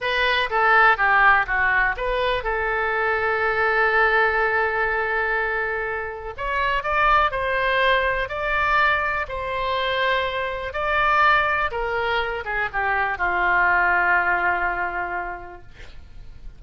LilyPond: \new Staff \with { instrumentName = "oboe" } { \time 4/4 \tempo 4 = 123 b'4 a'4 g'4 fis'4 | b'4 a'2.~ | a'1~ | a'4 cis''4 d''4 c''4~ |
c''4 d''2 c''4~ | c''2 d''2 | ais'4. gis'8 g'4 f'4~ | f'1 | }